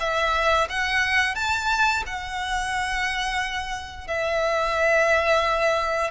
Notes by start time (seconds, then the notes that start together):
0.00 E5
0.69 F#5
1.35 A5
2.06 F#5
4.08 E5